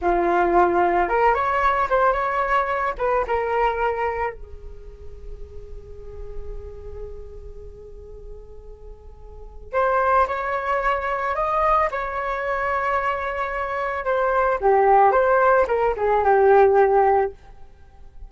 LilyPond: \new Staff \with { instrumentName = "flute" } { \time 4/4 \tempo 4 = 111 f'2 ais'8 cis''4 c''8 | cis''4. b'8 ais'2 | gis'1~ | gis'1~ |
gis'2 c''4 cis''4~ | cis''4 dis''4 cis''2~ | cis''2 c''4 g'4 | c''4 ais'8 gis'8 g'2 | }